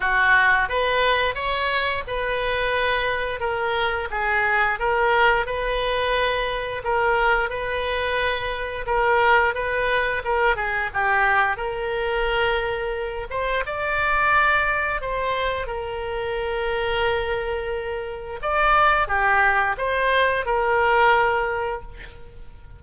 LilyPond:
\new Staff \with { instrumentName = "oboe" } { \time 4/4 \tempo 4 = 88 fis'4 b'4 cis''4 b'4~ | b'4 ais'4 gis'4 ais'4 | b'2 ais'4 b'4~ | b'4 ais'4 b'4 ais'8 gis'8 |
g'4 ais'2~ ais'8 c''8 | d''2 c''4 ais'4~ | ais'2. d''4 | g'4 c''4 ais'2 | }